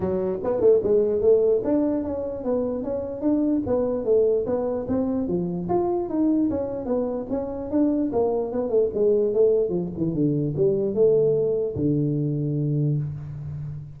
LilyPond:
\new Staff \with { instrumentName = "tuba" } { \time 4/4 \tempo 4 = 148 fis4 b8 a8 gis4 a4 | d'4 cis'4 b4 cis'4 | d'4 b4 a4 b4 | c'4 f4 f'4 dis'4 |
cis'4 b4 cis'4 d'4 | ais4 b8 a8 gis4 a4 | f8 e8 d4 g4 a4~ | a4 d2. | }